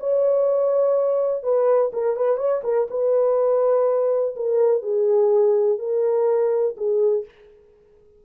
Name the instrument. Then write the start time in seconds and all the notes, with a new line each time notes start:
horn
0.00 C#5
1.43 B4
1.93 A#4
2.17 B4
2.38 C#5
2.64 A#4
2.90 B4
4.36 A#4
4.82 G#4
5.79 A#4
6.77 G#4